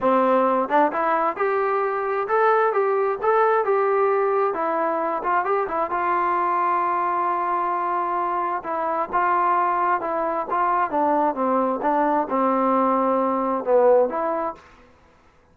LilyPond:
\new Staff \with { instrumentName = "trombone" } { \time 4/4 \tempo 4 = 132 c'4. d'8 e'4 g'4~ | g'4 a'4 g'4 a'4 | g'2 e'4. f'8 | g'8 e'8 f'2.~ |
f'2. e'4 | f'2 e'4 f'4 | d'4 c'4 d'4 c'4~ | c'2 b4 e'4 | }